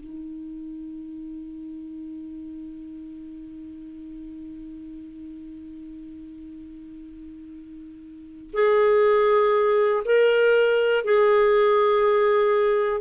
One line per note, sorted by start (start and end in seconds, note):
0.00 8.50 D#4
8.53 10.03 G#4
10.05 11.04 A#4
11.04 13.01 G#4